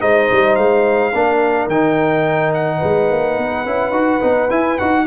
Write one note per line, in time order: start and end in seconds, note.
0.00 0.30 G#3
0.00 1.12 D#4
0.00 1.12 C5
0.00 0.55 D#5
0.32 0.57 G3
0.55 1.13 G#3
0.55 1.68 F5
1.14 1.67 A#3
1.14 1.70 D4
1.14 2.78 A#4
1.67 2.79 D#3
1.67 3.66 D#4
1.67 2.53 G5
2.54 4.50 F#5
2.78 3.11 G#3
2.78 5.02 B4
3.11 3.37 A#3
3.37 3.65 B3
3.65 3.91 C#4
3.65 3.92 E4
3.91 4.19 D#4
3.91 4.20 F#4
4.21 4.50 B3
4.21 4.49 D#4
4.50 4.78 E4
4.50 4.79 E4
4.50 4.78 G#5
4.78 5.06 D#4
4.78 5.06 F#4
4.78 5.06 F#5